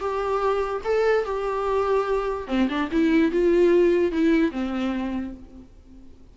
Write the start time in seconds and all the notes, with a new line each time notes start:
0.00 G4
0.85 A4
1.25 G4
2.48 C4
2.69 D4
2.91 E4
3.32 F4
4.12 E4
4.51 C4